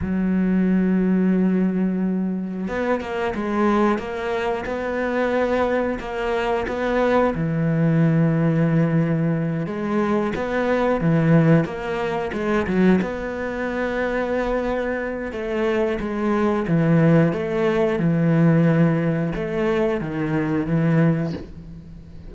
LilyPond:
\new Staff \with { instrumentName = "cello" } { \time 4/4 \tempo 4 = 90 fis1 | b8 ais8 gis4 ais4 b4~ | b4 ais4 b4 e4~ | e2~ e8 gis4 b8~ |
b8 e4 ais4 gis8 fis8 b8~ | b2. a4 | gis4 e4 a4 e4~ | e4 a4 dis4 e4 | }